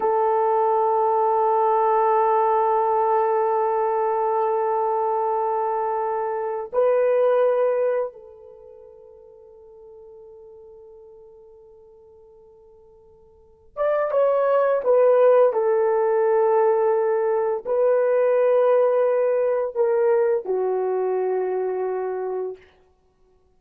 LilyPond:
\new Staff \with { instrumentName = "horn" } { \time 4/4 \tempo 4 = 85 a'1~ | a'1~ | a'4. b'2 a'8~ | a'1~ |
a'2.~ a'8 d''8 | cis''4 b'4 a'2~ | a'4 b'2. | ais'4 fis'2. | }